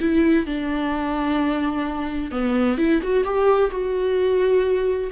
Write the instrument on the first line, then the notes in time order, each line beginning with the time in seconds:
viola
0.00 E4
0.46 D4
2.32 B3
2.78 E4
3.03 F#4
3.25 G4
3.71 F#4